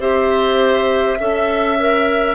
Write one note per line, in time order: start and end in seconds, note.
0.00 1.18 C4
0.00 1.18 G4
0.00 1.19 C5
0.00 2.36 E5
1.19 2.36 C#4
1.19 1.78 A4
1.19 2.36 E5
1.79 2.36 A#4